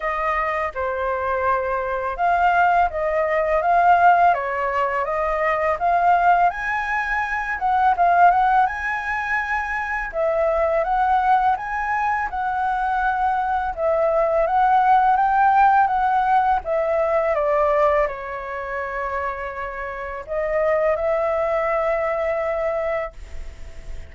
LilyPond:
\new Staff \with { instrumentName = "flute" } { \time 4/4 \tempo 4 = 83 dis''4 c''2 f''4 | dis''4 f''4 cis''4 dis''4 | f''4 gis''4. fis''8 f''8 fis''8 | gis''2 e''4 fis''4 |
gis''4 fis''2 e''4 | fis''4 g''4 fis''4 e''4 | d''4 cis''2. | dis''4 e''2. | }